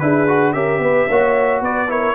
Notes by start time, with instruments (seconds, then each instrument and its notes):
0.00 tuba D4, trombone E4, horn G#4, trumpet B4
0.28 trombone F#4
0.53 tuba C#4, trombone G4, horn A#4, trumpet E5
0.79 tuba B3, horn B4
1.08 tuba A#3, trombone F#4, horn C#5
1.61 tuba B3, horn B4, trumpet D5
1.88 trombone E4, horn A#4, trumpet C#5